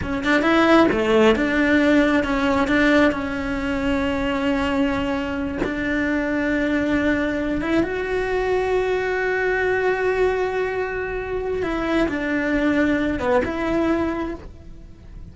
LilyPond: \new Staff \with { instrumentName = "cello" } { \time 4/4 \tempo 4 = 134 cis'8 d'8 e'4 a4 d'4~ | d'4 cis'4 d'4 cis'4~ | cis'1~ | cis'8 d'2.~ d'8~ |
d'4 e'8 fis'2~ fis'8~ | fis'1~ | fis'2 e'4 d'4~ | d'4. b8 e'2 | }